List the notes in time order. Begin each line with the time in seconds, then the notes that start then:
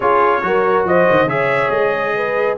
0.00 C#4 F4 G#4 C#5
0.42 F#3 F#4 A#4
0.85 F3 C5 D#5
1.10 D#3
1.25 C#3 G#4 C#5 E5
1.70 G#3 D#5
2.15 B4